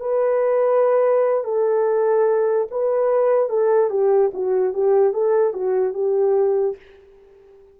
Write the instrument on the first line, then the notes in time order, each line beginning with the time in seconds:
horn
0.00 B4
1.44 A4
2.70 B4
3.49 A4
3.90 G4
4.33 F#4
4.74 G4
5.13 A4
5.53 F#4
5.94 G4